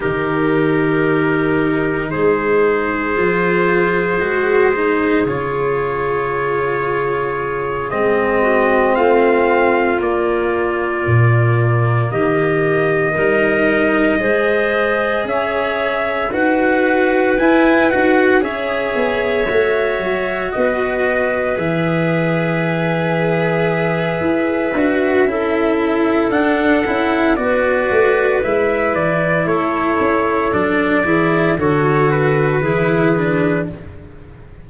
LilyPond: <<
  \new Staff \with { instrumentName = "trumpet" } { \time 4/4 \tempo 4 = 57 ais'2 c''2~ | c''4 cis''2~ cis''8 dis''8~ | dis''8 f''4 d''2 dis''8~ | dis''2~ dis''8 e''4 fis''8~ |
fis''8 gis''8 fis''8 e''2 dis''8~ | dis''8 e''2.~ e''8~ | e''4 fis''4 d''4 e''8 d''8 | cis''4 d''4 cis''8 b'4. | }
  \new Staff \with { instrumentName = "clarinet" } { \time 4/4 g'2 gis'2~ | gis'1 | fis'8 f'2. g'8~ | g'8 ais'4 c''4 cis''4 b'8~ |
b'4. cis''2 b'8~ | b'1 | a'2 b'2 | a'4. gis'8 a'4 gis'4 | }
  \new Staff \with { instrumentName = "cello" } { \time 4/4 dis'2. f'4 | fis'8 dis'8 f'2~ f'8 c'8~ | c'4. ais2~ ais8~ | ais8 dis'4 gis'2 fis'8~ |
fis'8 e'8 fis'8 gis'4 fis'4.~ | fis'8 gis'2. fis'8 | e'4 d'8 e'8 fis'4 e'4~ | e'4 d'8 e'8 fis'4 e'8 d'8 | }
  \new Staff \with { instrumentName = "tuba" } { \time 4/4 dis2 gis4 f4 | gis4 cis2~ cis8 gis8~ | gis8 a4 ais4 ais,4 dis8~ | dis8 g4 gis4 cis'4 dis'8~ |
dis'8 e'8 dis'8 cis'8 b8 a8 fis8 b8~ | b8 e2~ e8 e'8 d'8 | cis'4 d'8 cis'8 b8 a8 gis8 e8 | a8 cis'8 fis8 e8 d4 e4 | }
>>